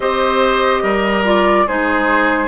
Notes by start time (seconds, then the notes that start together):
0.00 C4 G4 C5 D#5
0.82 G3 A#4
1.24 F4 D5
1.67 G#3 D#4 G#4 C5